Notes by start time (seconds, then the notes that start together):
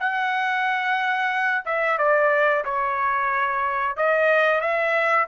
0.00 F#5
1.65 E5
1.98 D5
2.65 C#5
3.97 D#5
4.61 E5